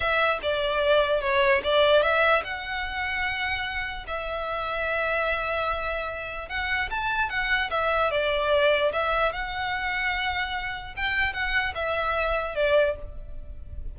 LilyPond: \new Staff \with { instrumentName = "violin" } { \time 4/4 \tempo 4 = 148 e''4 d''2 cis''4 | d''4 e''4 fis''2~ | fis''2 e''2~ | e''1 |
fis''4 a''4 fis''4 e''4 | d''2 e''4 fis''4~ | fis''2. g''4 | fis''4 e''2 d''4 | }